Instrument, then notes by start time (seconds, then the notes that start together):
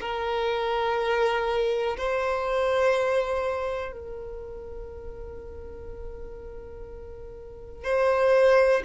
violin
0.00 A#4
1.97 C5
3.92 A#4
7.84 C5